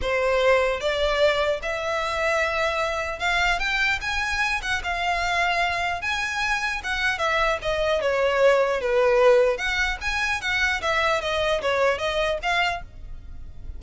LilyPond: \new Staff \with { instrumentName = "violin" } { \time 4/4 \tempo 4 = 150 c''2 d''2 | e''1 | f''4 g''4 gis''4. fis''8 | f''2. gis''4~ |
gis''4 fis''4 e''4 dis''4 | cis''2 b'2 | fis''4 gis''4 fis''4 e''4 | dis''4 cis''4 dis''4 f''4 | }